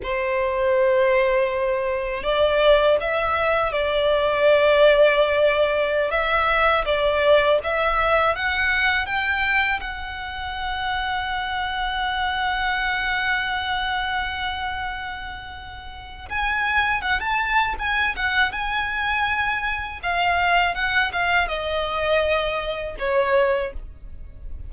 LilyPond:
\new Staff \with { instrumentName = "violin" } { \time 4/4 \tempo 4 = 81 c''2. d''4 | e''4 d''2.~ | d''16 e''4 d''4 e''4 fis''8.~ | fis''16 g''4 fis''2~ fis''8.~ |
fis''1~ | fis''2 gis''4 fis''16 a''8. | gis''8 fis''8 gis''2 f''4 | fis''8 f''8 dis''2 cis''4 | }